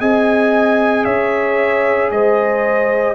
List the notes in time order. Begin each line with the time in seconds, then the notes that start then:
0.00 C4 G#4 D#5 G#5
1.05 C#4 C#5 E5
2.11 G#3 C5 D#5